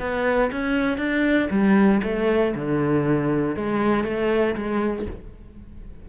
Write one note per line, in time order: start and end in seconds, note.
0.00 0.51 B3
0.52 0.98 C#4
0.98 1.49 D4
1.51 2.02 G3
2.04 2.55 A3
2.56 3.56 D3
3.56 4.05 G#3
4.05 4.56 A3
4.56 5.07 G#3